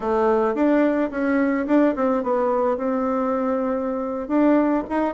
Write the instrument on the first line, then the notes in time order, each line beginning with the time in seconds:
bassoon
0.00 A3
0.54 D4
1.10 C#4
1.67 D4
1.95 C4
2.23 B3
2.77 C4
4.28 D4
4.89 D#4